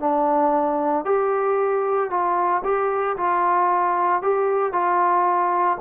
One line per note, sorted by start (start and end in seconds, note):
0.00 1.05 D4
1.05 2.10 G4
2.10 2.63 F4
2.64 3.17 G4
3.17 4.22 F4
4.22 4.73 G4
4.73 5.78 F4